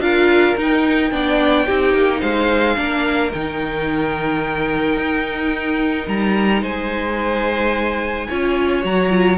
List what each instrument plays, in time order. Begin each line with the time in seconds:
0.00 cello D4, viola F4, violin A#4 F5
0.57 viola D#4, cello D#4, violin G5
1.12 cello B3, viola D4, violin D5
1.66 cello C4, viola D#4, violin G4
1.94 cello A#3
2.21 cello G#3, violin C5 F5
2.76 cello A#3, viola D4, violin A#4
3.33 cello D#3, viola D#4, violin G5
4.97 cello D#4
6.07 cello G3, violin A#5
6.62 cello G#3, violin C5 G#5
8.29 cello C#4, viola F4, violin C#5
8.82 cello F#3, viola F#4, violin A#5
9.10 viola F4